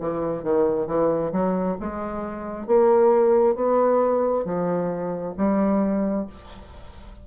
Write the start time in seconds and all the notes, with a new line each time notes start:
0.00 E3
0.43 D#3
0.87 E3
1.32 F#3
1.80 G#3
2.67 A#3
3.55 B3
4.45 F3
5.37 G3